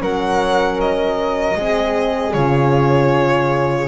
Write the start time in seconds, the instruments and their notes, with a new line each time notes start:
0.00 double bass F#3, horn C#4, flute A#4, violin F#5
0.81 violin D#5
1.56 double bass G#3, horn C4, flute G#4
2.33 double bass C#3, horn F4, violin C#5